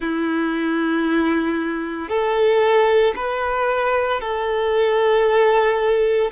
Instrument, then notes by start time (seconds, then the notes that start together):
violin
0.00 E4
2.08 A4
3.15 B4
4.21 A4